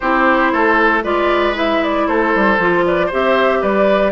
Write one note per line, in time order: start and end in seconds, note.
0.00 0.52 C4
0.00 1.03 E4
0.00 0.52 G4
0.00 1.03 C5
0.52 1.04 A3
0.52 1.03 A4
1.03 2.07 G#3
1.03 1.54 F4
1.03 2.07 B4
1.03 1.55 D5
1.54 2.57 E4
1.54 1.83 E5
1.83 2.07 D5
2.07 2.34 A3
2.07 2.85 A4
2.07 2.84 C5
2.35 2.58 G3
2.58 3.10 F3
2.58 3.11 F4
2.85 3.06 B4
2.85 3.11 D5
3.06 4.12 G4
3.06 3.58 C5
3.12 3.62 C4
3.12 3.62 E5
3.61 4.12 G3
3.61 4.12 B4
3.61 4.12 D5